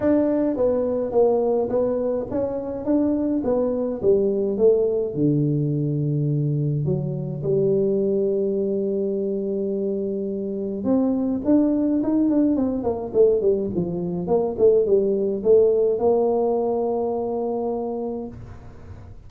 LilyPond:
\new Staff \with { instrumentName = "tuba" } { \time 4/4 \tempo 4 = 105 d'4 b4 ais4 b4 | cis'4 d'4 b4 g4 | a4 d2. | fis4 g2.~ |
g2. c'4 | d'4 dis'8 d'8 c'8 ais8 a8 g8 | f4 ais8 a8 g4 a4 | ais1 | }